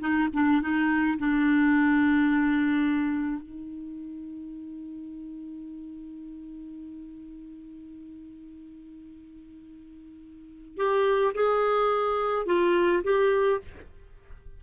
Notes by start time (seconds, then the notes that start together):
0.00 D#4
0.33 D4
0.61 D#4
1.18 D4
3.42 D#4
10.77 G4
11.34 G#4
12.46 F4
13.03 G4